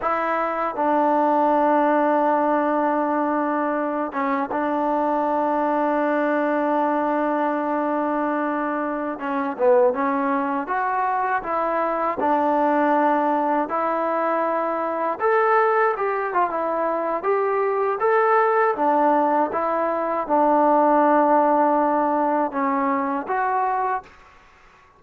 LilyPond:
\new Staff \with { instrumentName = "trombone" } { \time 4/4 \tempo 4 = 80 e'4 d'2.~ | d'4. cis'8 d'2~ | d'1~ | d'16 cis'8 b8 cis'4 fis'4 e'8.~ |
e'16 d'2 e'4.~ e'16~ | e'16 a'4 g'8 f'16 e'4 g'4 | a'4 d'4 e'4 d'4~ | d'2 cis'4 fis'4 | }